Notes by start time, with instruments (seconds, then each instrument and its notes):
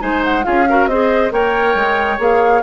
0.00 bassoon G#3, clarinet D#4, oboe C5, flute G#5
0.24 flute F#5
0.43 bassoon C#4, clarinet F4, oboe G#4, flute F5
0.69 clarinet F#4, oboe A#4
0.86 bassoon C4, clarinet G#4, oboe C5, flute D#5
1.31 bassoon A#3, clarinet A#4, oboe C#5, flute G5
1.75 bassoon G#3
2.18 bassoon A#3, clarinet G#4, flute F5